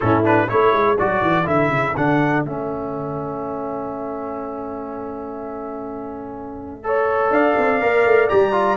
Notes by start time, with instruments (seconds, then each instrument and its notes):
0.00 tuba A2, trombone C#4, horn E4, trumpet A4
0.23 trombone D4, trumpet B4
0.48 tuba A3, trombone E4, horn A4, trumpet C#5
0.73 tuba G#3
0.98 tuba F#3, trombone F#4, trumpet D5
1.21 tuba E3
1.45 tuba D3, trombone E4, trumpet E5
1.68 tuba C#3
1.96 tuba D3, trombone D4, trumpet F#5
2.44 tuba A3, trombone C#4, trumpet E5
6.83 trombone A4, horn C#5
7.30 tuba D4, horn D5, trumpet F5
7.57 tuba C4
7.80 tuba A#3, trombone A#4
8.05 tuba A3
8.29 tuba G3, trombone G4, trumpet A#5
8.52 trombone F4